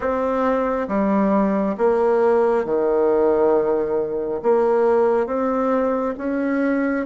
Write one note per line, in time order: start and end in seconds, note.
0.00 0.87 C4
0.87 1.76 G3
1.77 2.64 A#3
2.64 4.41 D#3
4.42 5.26 A#3
5.26 6.14 C4
6.17 7.05 C#4